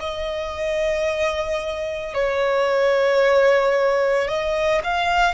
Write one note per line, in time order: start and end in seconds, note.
0.00 2.14 D#5
2.14 4.29 C#5
4.29 4.82 D#5
4.84 5.35 F5